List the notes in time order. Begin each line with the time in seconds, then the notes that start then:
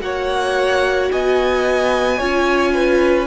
0.00 A#3 F#4 C#5 F#5
1.11 B3 D#5 G#5
2.18 C#4 F4 C#5
2.74 B4